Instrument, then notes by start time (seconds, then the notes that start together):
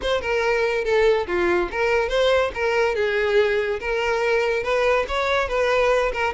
violin
0.02 C5
0.21 A#4
0.84 A4
1.27 F4
1.71 A#4
2.09 C5
2.54 A#4
2.95 G#4
3.80 A#4
4.63 B4
5.08 C#5
5.48 B4
6.12 A#4